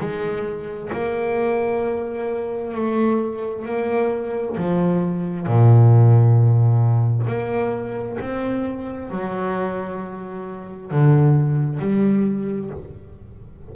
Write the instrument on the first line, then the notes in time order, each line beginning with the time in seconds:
double bass
0.00 G#3
0.93 A#3
2.75 A3
3.66 A#3
4.57 F3
5.47 A#2
7.27 A#3
8.21 C4
9.10 F#3
10.91 D3
11.80 G3